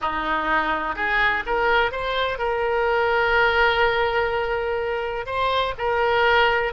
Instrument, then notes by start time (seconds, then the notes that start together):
oboe
0.01 D#4
0.95 G#4
1.46 A#4
1.91 C5
2.38 A#4
5.26 C5
5.78 A#4